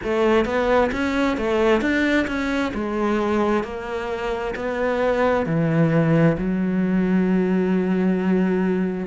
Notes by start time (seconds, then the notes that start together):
0.03 A3
0.45 B3
0.92 C#4
1.37 A3
1.81 D4
2.27 C#4
2.74 G#3
3.63 A#3
4.55 B3
5.45 E3
6.37 F#3